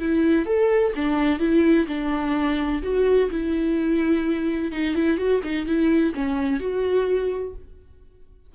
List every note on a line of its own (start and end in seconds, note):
0.00 0.46 E4
0.46 0.93 A4
0.96 1.40 D4
1.40 1.87 E4
1.88 2.83 D4
2.83 3.30 F#4
3.31 4.72 E4
4.72 4.96 D#4
4.96 5.18 E4
5.18 5.42 F#4
5.44 5.67 D#4
5.67 6.14 E4
6.15 6.60 C#4
6.60 7.55 F#4